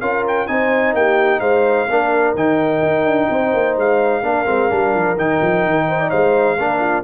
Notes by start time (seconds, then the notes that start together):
0.00 C#4 F4 A#4 F5
0.27 G5
0.47 C4 D#4 C5 G#5
0.93 A#3 G4 G5
1.39 G#3 C5 F5
1.88 A#3 D4 A#4
2.34 D#3 D#4 G5
2.81 D#4
3.04 D4
3.29 C4 C5
3.53 A#3
3.76 G#3 F5
4.22 A#3 D4 A#4
4.45 G#3 C4
4.69 G3 D4
4.94 F3
5.16 D#3 D#4 G5
5.41 F3
5.64 D#3
5.88 C5
5.99 D5
6.09 G#3 C5 F5
6.58 A#3 D4 A#4
6.79 F4